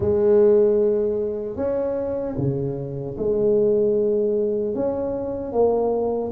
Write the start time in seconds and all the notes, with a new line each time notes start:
0.00 G#3
1.56 C#4
2.37 C#3
3.17 G#3
4.74 C#4
5.52 A#3